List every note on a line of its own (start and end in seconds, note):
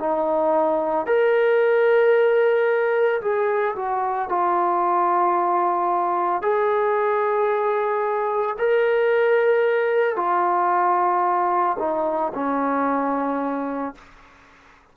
0.00 1.07 D#4
1.07 3.21 A#4
3.22 3.75 G#4
3.76 4.29 F#4
4.29 6.42 F4
6.42 8.57 G#4
8.59 10.16 A#4
10.16 11.77 F4
11.79 12.33 D#4
12.35 13.95 C#4